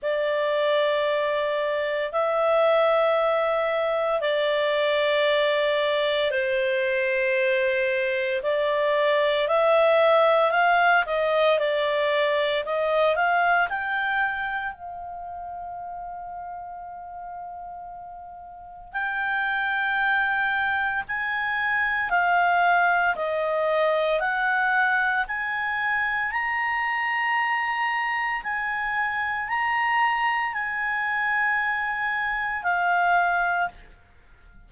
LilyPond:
\new Staff \with { instrumentName = "clarinet" } { \time 4/4 \tempo 4 = 57 d''2 e''2 | d''2 c''2 | d''4 e''4 f''8 dis''8 d''4 | dis''8 f''8 g''4 f''2~ |
f''2 g''2 | gis''4 f''4 dis''4 fis''4 | gis''4 ais''2 gis''4 | ais''4 gis''2 f''4 | }